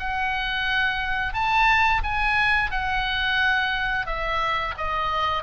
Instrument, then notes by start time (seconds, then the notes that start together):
oboe
0.00 F#5
1.34 A5
2.04 G#5
2.71 F#5
4.07 E5
4.78 D#5